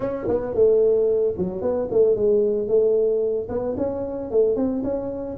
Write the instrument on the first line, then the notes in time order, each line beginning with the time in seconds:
tuba
0.00 C#4
0.28 B3
0.54 A3
1.37 F#3
1.61 B3
1.90 A3
2.15 G#3
2.67 A3
3.48 B3
3.77 C#4
4.30 A3
4.56 C4
4.83 C#4